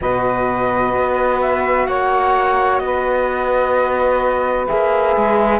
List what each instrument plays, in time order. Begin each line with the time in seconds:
0.01 cello B2, horn F#4, saxophone B4, flute D#5
0.95 cello B3
1.41 flute E5
1.86 cello A#3, saxophone C#5, flute F#5
2.78 cello B3, flute D#5
2.85 saxophone B4
4.67 cello A#3, horn G#4, flute E5
5.16 cello G#3